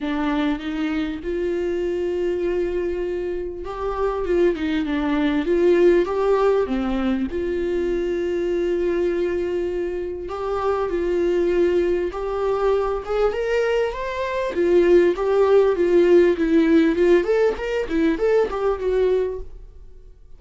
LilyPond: \new Staff \with { instrumentName = "viola" } { \time 4/4 \tempo 4 = 99 d'4 dis'4 f'2~ | f'2 g'4 f'8 dis'8 | d'4 f'4 g'4 c'4 | f'1~ |
f'4 g'4 f'2 | g'4. gis'8 ais'4 c''4 | f'4 g'4 f'4 e'4 | f'8 a'8 ais'8 e'8 a'8 g'8 fis'4 | }